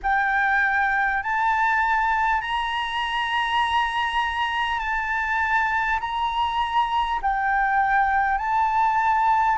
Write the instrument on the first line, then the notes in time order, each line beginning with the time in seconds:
flute
0.02 G5
1.22 A5
2.41 A#5
4.79 A5
6.00 A#5
7.22 G5
8.38 A5